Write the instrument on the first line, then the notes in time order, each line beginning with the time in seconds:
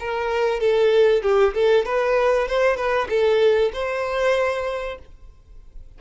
violin
0.00 A#4
0.61 A4
1.23 G4
1.55 A4
1.86 B4
2.48 C5
2.77 B4
3.10 A4
3.73 C5